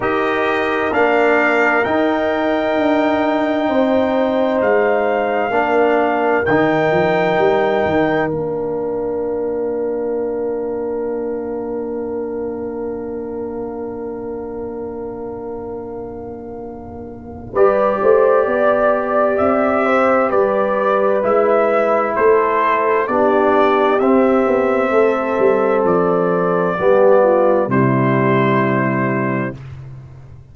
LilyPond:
<<
  \new Staff \with { instrumentName = "trumpet" } { \time 4/4 \tempo 4 = 65 dis''4 f''4 g''2~ | g''4 f''2 g''4~ | g''4 f''2.~ | f''1~ |
f''2. d''4~ | d''4 e''4 d''4 e''4 | c''4 d''4 e''2 | d''2 c''2 | }
  \new Staff \with { instrumentName = "horn" } { \time 4/4 ais'1 | c''2 ais'2~ | ais'1~ | ais'1~ |
ais'2. b'8 c''8 | d''4. c''8 b'2 | a'4 g'2 a'4~ | a'4 g'8 f'8 e'2 | }
  \new Staff \with { instrumentName = "trombone" } { \time 4/4 g'4 d'4 dis'2~ | dis'2 d'4 dis'4~ | dis'4 d'2.~ | d'1~ |
d'2. g'4~ | g'2. e'4~ | e'4 d'4 c'2~ | c'4 b4 g2 | }
  \new Staff \with { instrumentName = "tuba" } { \time 4/4 dis'4 ais4 dis'4 d'4 | c'4 gis4 ais4 dis8 f8 | g8 dis8 ais2.~ | ais1~ |
ais2. g8 a8 | b4 c'4 g4 gis4 | a4 b4 c'8 b8 a8 g8 | f4 g4 c2 | }
>>